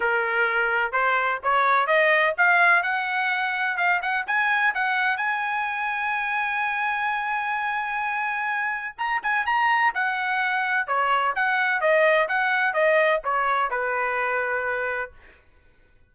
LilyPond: \new Staff \with { instrumentName = "trumpet" } { \time 4/4 \tempo 4 = 127 ais'2 c''4 cis''4 | dis''4 f''4 fis''2 | f''8 fis''8 gis''4 fis''4 gis''4~ | gis''1~ |
gis''2. ais''8 gis''8 | ais''4 fis''2 cis''4 | fis''4 dis''4 fis''4 dis''4 | cis''4 b'2. | }